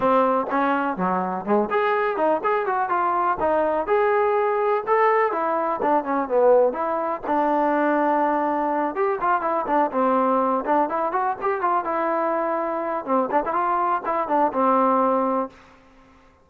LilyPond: \new Staff \with { instrumentName = "trombone" } { \time 4/4 \tempo 4 = 124 c'4 cis'4 fis4 gis8 gis'8~ | gis'8 dis'8 gis'8 fis'8 f'4 dis'4 | gis'2 a'4 e'4 | d'8 cis'8 b4 e'4 d'4~ |
d'2~ d'8 g'8 f'8 e'8 | d'8 c'4. d'8 e'8 fis'8 g'8 | f'8 e'2~ e'8 c'8 d'16 e'16 | f'4 e'8 d'8 c'2 | }